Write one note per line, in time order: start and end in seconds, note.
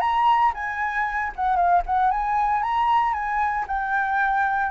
0.00 0.52 A#5
0.54 1.32 G#5
1.35 1.56 F#5
1.56 1.82 F5
1.86 2.11 F#5
2.11 2.62 G#5
2.62 3.13 A#5
3.13 3.65 G#5
3.67 4.71 G5